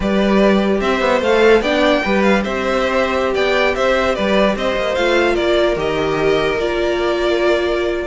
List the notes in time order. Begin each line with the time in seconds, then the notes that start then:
0.00 G3 G4 B4 D5
0.80 C4 C5 E5
1.01 B3
1.21 A3 A4 F5
1.61 B3 D4 D5 G5
2.04 G3 G4 B4
2.22 F5
2.42 C4 C5 E5
3.34 B3 D5 G5
3.75 C4 C5 E5
4.15 G3 B4 D5
4.55 C4 C5 D#5
4.76 A#3
4.95 A3 F4 F5
5.33 A#3 A#4 D5
5.76 D#3 G4 D#5
6.57 A#3 F4 D5